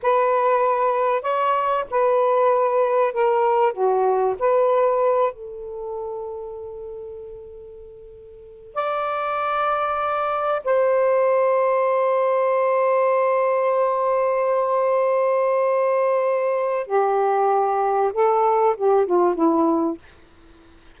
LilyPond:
\new Staff \with { instrumentName = "saxophone" } { \time 4/4 \tempo 4 = 96 b'2 cis''4 b'4~ | b'4 ais'4 fis'4 b'4~ | b'8 a'2.~ a'8~ | a'2 d''2~ |
d''4 c''2.~ | c''1~ | c''2. g'4~ | g'4 a'4 g'8 f'8 e'4 | }